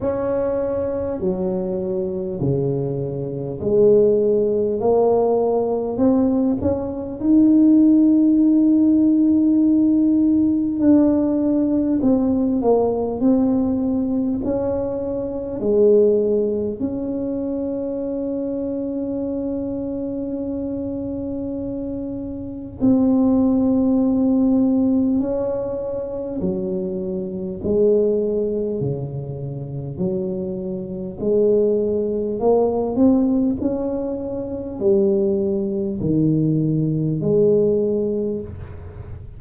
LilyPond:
\new Staff \with { instrumentName = "tuba" } { \time 4/4 \tempo 4 = 50 cis'4 fis4 cis4 gis4 | ais4 c'8 cis'8 dis'2~ | dis'4 d'4 c'8 ais8 c'4 | cis'4 gis4 cis'2~ |
cis'2. c'4~ | c'4 cis'4 fis4 gis4 | cis4 fis4 gis4 ais8 c'8 | cis'4 g4 dis4 gis4 | }